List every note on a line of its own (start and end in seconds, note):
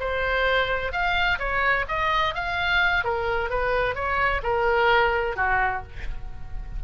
0.00 0.92 C5
0.92 1.39 F5
1.39 1.86 C#5
1.88 2.34 D#5
2.34 3.04 F5
3.04 3.50 A#4
3.50 3.95 B4
3.95 4.41 C#5
4.43 5.36 A#4
5.36 5.83 F#4